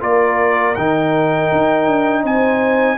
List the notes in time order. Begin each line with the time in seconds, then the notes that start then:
0.00 A#3 F4 A#4 D5
0.75 D#3 D#4 G5
1.51 D#4
1.87 D4
2.23 C4 C5 G#5